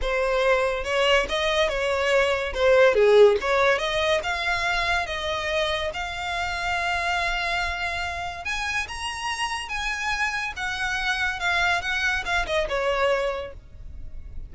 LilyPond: \new Staff \with { instrumentName = "violin" } { \time 4/4 \tempo 4 = 142 c''2 cis''4 dis''4 | cis''2 c''4 gis'4 | cis''4 dis''4 f''2 | dis''2 f''2~ |
f''1 | gis''4 ais''2 gis''4~ | gis''4 fis''2 f''4 | fis''4 f''8 dis''8 cis''2 | }